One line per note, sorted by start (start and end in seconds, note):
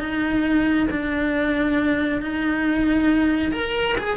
0.00 0.88 D#4
0.91 2.22 D4
2.22 3.53 D#4
3.53 3.96 A#4
3.99 4.17 G#4